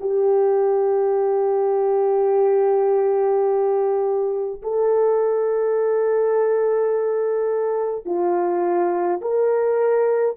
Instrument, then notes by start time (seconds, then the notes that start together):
horn
0.00 G4
4.62 A4
8.05 F4
9.21 A#4